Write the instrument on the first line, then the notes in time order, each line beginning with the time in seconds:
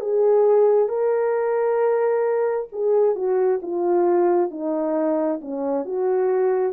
horn
0.00 G#4
0.88 A#4
2.72 G#4
3.15 F#4
3.62 F4
4.51 D#4
5.41 C#4
5.85 F#4